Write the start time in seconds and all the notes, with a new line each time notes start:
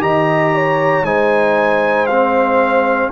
0.00 D#3 G4 D#5 A#5
0.55 C#5
1.03 G#3 D#4 C5 G#5
2.07 C4 F5